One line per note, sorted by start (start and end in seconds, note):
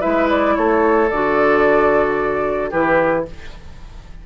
0.00 0.57 G#3
0.00 1.07 E4
0.00 0.54 B4
0.00 0.27 E5
0.29 0.55 D5
0.55 1.10 A3
0.55 2.70 A4
0.55 1.09 C#5
1.09 2.71 D3
1.09 2.71 F#4
1.09 2.70 D5
2.70 3.26 E3
2.70 3.25 E4
2.70 3.23 G4
2.70 3.24 B4